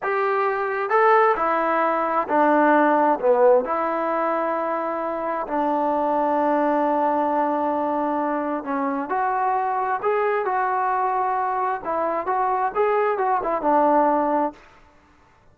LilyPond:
\new Staff \with { instrumentName = "trombone" } { \time 4/4 \tempo 4 = 132 g'2 a'4 e'4~ | e'4 d'2 b4 | e'1 | d'1~ |
d'2. cis'4 | fis'2 gis'4 fis'4~ | fis'2 e'4 fis'4 | gis'4 fis'8 e'8 d'2 | }